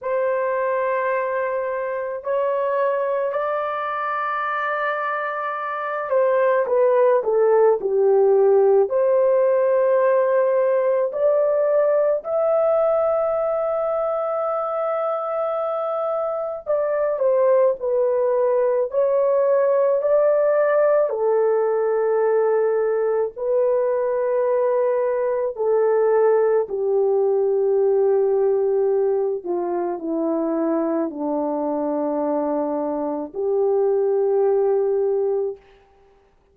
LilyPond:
\new Staff \with { instrumentName = "horn" } { \time 4/4 \tempo 4 = 54 c''2 cis''4 d''4~ | d''4. c''8 b'8 a'8 g'4 | c''2 d''4 e''4~ | e''2. d''8 c''8 |
b'4 cis''4 d''4 a'4~ | a'4 b'2 a'4 | g'2~ g'8 f'8 e'4 | d'2 g'2 | }